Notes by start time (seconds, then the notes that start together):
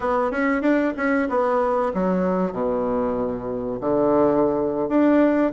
0.00 B3
0.31 C#4
0.61 D4
0.96 C#4
1.29 B3
1.93 F#3
2.52 B2
3.80 D3
4.88 D4